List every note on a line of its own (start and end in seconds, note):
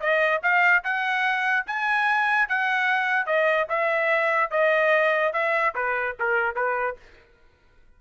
0.00 0.41 D#5
0.42 0.83 F5
0.83 1.66 F#5
1.66 2.48 G#5
2.48 3.26 F#5
3.26 3.67 D#5
3.69 4.50 E5
4.50 5.33 D#5
5.33 5.74 E5
5.75 6.16 B4
6.19 6.55 A#4
6.55 6.96 B4